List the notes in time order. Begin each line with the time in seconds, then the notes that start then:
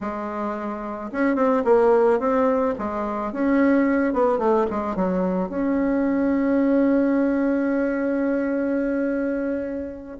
0.00 G#3
1.12 C#4
1.35 C4
1.64 A#3
2.19 C4
2.78 G#3
3.32 C#4
4.13 B3
4.38 A3
4.70 G#3
4.95 F#3
5.49 C#4